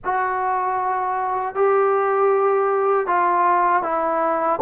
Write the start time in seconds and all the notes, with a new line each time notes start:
0.04 F#4
1.55 G4
3.06 F4
3.82 E4